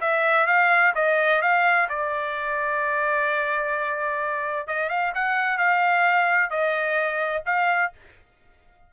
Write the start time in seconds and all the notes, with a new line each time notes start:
0.00 E5
0.46 F5
0.95 D#5
1.41 F5
1.89 D5
4.67 D#5
4.89 F5
5.14 F#5
5.58 F5
6.50 D#5
7.45 F5